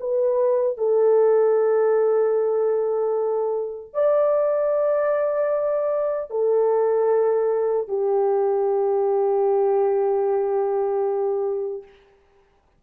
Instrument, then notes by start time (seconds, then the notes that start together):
horn
0.00 B4
0.78 A4
3.94 D5
6.31 A4
7.88 G4